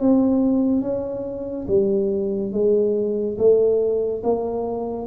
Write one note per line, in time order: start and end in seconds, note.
0.00 0.81 C4
0.81 1.66 C#4
1.68 2.52 G3
2.53 3.37 G#3
3.38 4.23 A3
4.23 5.07 A#3